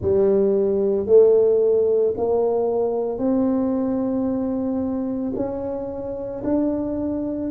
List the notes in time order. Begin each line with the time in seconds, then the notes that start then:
0.01 G3
1.06 A3
2.17 A#3
3.18 C4
5.35 C#4
6.43 D4